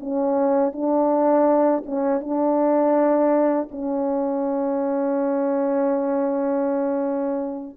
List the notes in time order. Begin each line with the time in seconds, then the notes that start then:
0.00 C#4
0.72 D4
1.86 C#4
2.21 D4
3.71 C#4